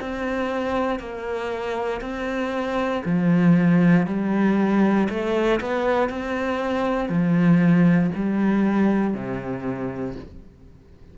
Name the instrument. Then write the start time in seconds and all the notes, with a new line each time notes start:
cello
0.00 C4
0.99 A#3
2.01 C4
3.05 F3
4.06 G3
5.09 A3
5.60 B3
6.09 C4
7.09 F3
8.15 G3
9.14 C3